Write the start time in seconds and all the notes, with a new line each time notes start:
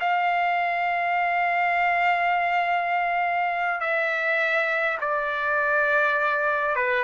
0.00 F5
3.81 E5
5.01 D5
6.76 B4